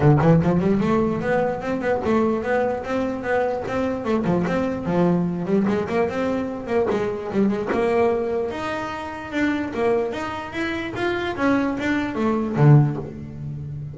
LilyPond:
\new Staff \with { instrumentName = "double bass" } { \time 4/4 \tempo 4 = 148 d8 e8 f8 g8 a4 b4 | c'8 b8 a4 b4 c'4 | b4 c'4 a8 f8 c'4 | f4. g8 gis8 ais8 c'4~ |
c'8 ais8 gis4 g8 gis8 ais4~ | ais4 dis'2 d'4 | ais4 dis'4 e'4 f'4 | cis'4 d'4 a4 d4 | }